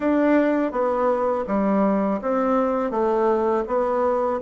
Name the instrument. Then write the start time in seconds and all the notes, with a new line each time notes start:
bassoon
0.00 D4
0.71 B3
1.47 G3
2.21 C4
2.90 A3
3.67 B3